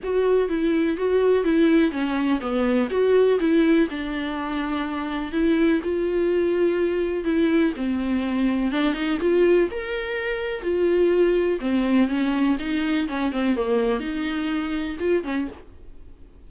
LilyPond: \new Staff \with { instrumentName = "viola" } { \time 4/4 \tempo 4 = 124 fis'4 e'4 fis'4 e'4 | cis'4 b4 fis'4 e'4 | d'2. e'4 | f'2. e'4 |
c'2 d'8 dis'8 f'4 | ais'2 f'2 | c'4 cis'4 dis'4 cis'8 c'8 | ais4 dis'2 f'8 cis'8 | }